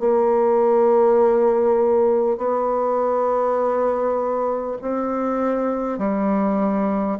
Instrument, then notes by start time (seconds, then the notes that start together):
bassoon
0.00 A#3
2.38 B3
4.82 C4
5.98 G3